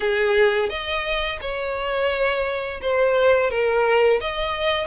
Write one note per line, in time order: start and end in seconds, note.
0.00 0.69 G#4
0.69 1.39 D#5
1.41 2.81 C#5
2.81 3.50 C5
3.50 4.20 A#4
4.21 4.87 D#5